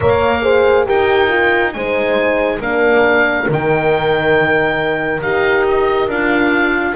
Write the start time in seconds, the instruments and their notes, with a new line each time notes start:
0.00 double bass A#3, horn A#4 C#5, oboe F5
0.42 horn G#4 C5
0.85 double bass D#4, horn G4 A#4, oboe G5
1.28 horn F4
1.72 double bass G#3, horn D#4 C5, oboe G#5
2.58 double bass A#3, horn D4 A#4, oboe F5
3.48 double bass D#3, horn D#4, oboe G5
5.21 double bass D#4, horn G4, oboe F5
5.68 oboe D#5
6.07 double bass D4, horn F4, oboe F5